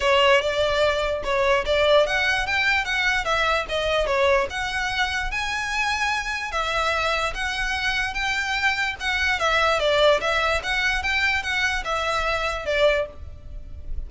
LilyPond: \new Staff \with { instrumentName = "violin" } { \time 4/4 \tempo 4 = 147 cis''4 d''2 cis''4 | d''4 fis''4 g''4 fis''4 | e''4 dis''4 cis''4 fis''4~ | fis''4 gis''2. |
e''2 fis''2 | g''2 fis''4 e''4 | d''4 e''4 fis''4 g''4 | fis''4 e''2 d''4 | }